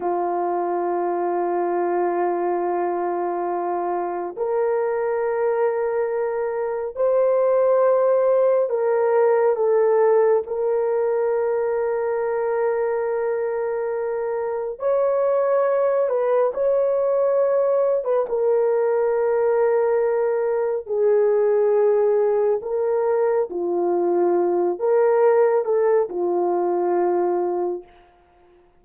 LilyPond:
\new Staff \with { instrumentName = "horn" } { \time 4/4 \tempo 4 = 69 f'1~ | f'4 ais'2. | c''2 ais'4 a'4 | ais'1~ |
ais'4 cis''4. b'8 cis''4~ | cis''8. b'16 ais'2. | gis'2 ais'4 f'4~ | f'8 ais'4 a'8 f'2 | }